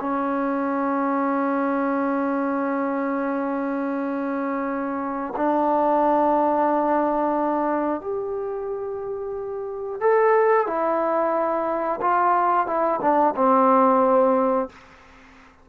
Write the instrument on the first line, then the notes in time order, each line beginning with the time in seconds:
trombone
0.00 C#4
5.36 D4
8.01 G4
10.00 A4
10.66 E4
12.01 F4
12.66 E4
13.01 D4
13.36 C4